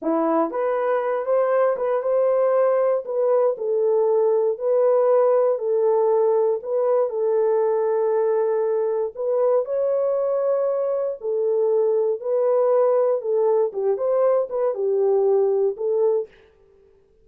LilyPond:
\new Staff \with { instrumentName = "horn" } { \time 4/4 \tempo 4 = 118 e'4 b'4. c''4 b'8 | c''2 b'4 a'4~ | a'4 b'2 a'4~ | a'4 b'4 a'2~ |
a'2 b'4 cis''4~ | cis''2 a'2 | b'2 a'4 g'8 c''8~ | c''8 b'8 g'2 a'4 | }